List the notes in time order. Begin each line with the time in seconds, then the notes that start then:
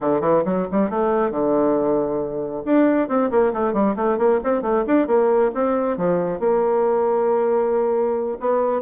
0.00 D3
0.21 E3
0.45 F#3
0.71 G3
0.89 A3
1.31 D3
2.65 D4
3.08 C4
3.30 A#3
3.53 A3
3.73 G3
3.96 A3
4.18 A#3
4.43 C4
4.62 A3
4.86 D4
5.07 A#3
5.54 C4
5.97 F3
6.39 A#3
8.40 B3